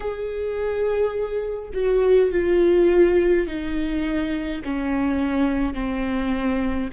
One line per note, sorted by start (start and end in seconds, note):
0.00 1.69 G#4
1.73 2.31 F#4
2.31 3.47 F4
3.47 4.62 D#4
4.64 5.74 C#4
5.74 6.89 C4